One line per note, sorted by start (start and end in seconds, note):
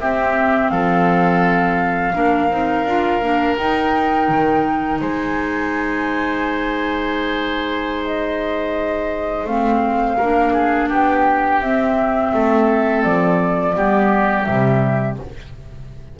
0.00 0.71 C4
0.00 2.14 C4
0.00 0.72 G4
0.00 0.69 E5
0.69 2.14 F3
0.69 2.14 A4
0.69 3.55 F5
2.14 2.51 A#3
2.14 2.50 D4
2.14 5.01 A#4
2.50 2.85 C4
2.50 2.86 D#4
2.85 3.21 D4
2.85 3.22 F4
3.21 3.57 A#3
3.21 3.57 D4
3.57 4.28 D#4
3.57 9.47 D#4
3.57 5.00 G5
4.28 5.00 D#3
5.01 9.44 G#3
5.01 10.17 C5
5.01 8.05 G#5
8.05 9.46 D#5
9.44 10.15 A3
9.44 10.19 C4
9.44 10.89 F5
10.17 10.91 A#3
10.17 11.62 D4
10.17 10.53 A#4
10.53 10.89 G#4
10.89 11.60 B3
10.89 12.32 G4
10.89 11.61 G5
11.60 12.32 C4
11.60 13.74 C4
11.60 13.03 E5
12.33 13.04 A3
12.33 13.76 A4
13.03 13.76 F3
13.03 14.43 D5
13.74 14.47 G3
13.74 14.45 B3
13.74 15.19 G4
14.43 15.19 C3
14.43 15.18 G3
14.43 15.15 E5